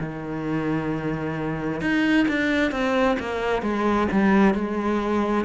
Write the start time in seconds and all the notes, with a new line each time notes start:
0.00 D#3
1.81 D#4
2.29 D4
2.71 C4
3.19 A#3
3.62 G#3
4.12 G3
4.54 G#3